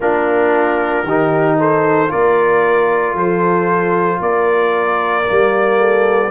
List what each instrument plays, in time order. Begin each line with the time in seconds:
0.00 tuba A#3, trombone D4, horn F4, trumpet A#4
1.03 tuba D#3, trombone D#4, horn G4
1.59 horn A4, trumpet C5
2.07 tuba A#3, trombone F4, horn A#4, trumpet D5
3.14 tuba F3, horn A4, trumpet C5
4.20 tuba A#3, horn A#4, trumpet D5
5.26 tuba G3, trombone A#3
5.78 horn A4